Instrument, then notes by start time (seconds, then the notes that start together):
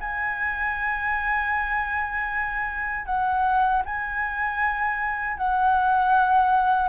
flute
0.00 G#5
3.06 F#5
3.85 G#5
5.37 F#5